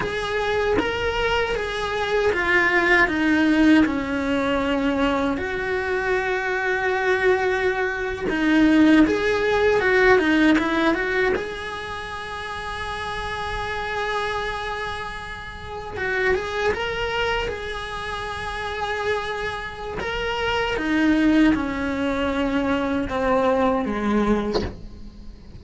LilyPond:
\new Staff \with { instrumentName = "cello" } { \time 4/4 \tempo 4 = 78 gis'4 ais'4 gis'4 f'4 | dis'4 cis'2 fis'4~ | fis'2~ fis'8. dis'4 gis'16~ | gis'8. fis'8 dis'8 e'8 fis'8 gis'4~ gis'16~ |
gis'1~ | gis'8. fis'8 gis'8 ais'4 gis'4~ gis'16~ | gis'2 ais'4 dis'4 | cis'2 c'4 gis4 | }